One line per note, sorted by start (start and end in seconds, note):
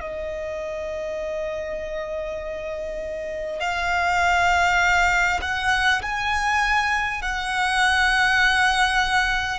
0.00 3.59 D#5
3.59 5.39 F5
5.41 6.01 F#5
6.02 7.22 G#5
7.22 9.58 F#5